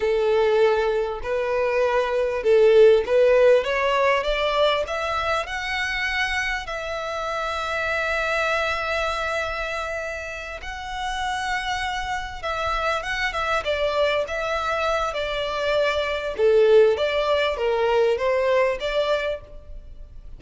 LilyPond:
\new Staff \with { instrumentName = "violin" } { \time 4/4 \tempo 4 = 99 a'2 b'2 | a'4 b'4 cis''4 d''4 | e''4 fis''2 e''4~ | e''1~ |
e''4. fis''2~ fis''8~ | fis''8 e''4 fis''8 e''8 d''4 e''8~ | e''4 d''2 a'4 | d''4 ais'4 c''4 d''4 | }